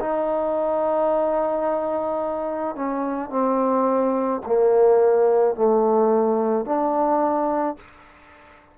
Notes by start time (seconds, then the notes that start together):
0.00 D#4
2.76 C#4
3.30 C4
4.46 A#3
5.56 A3
6.66 D4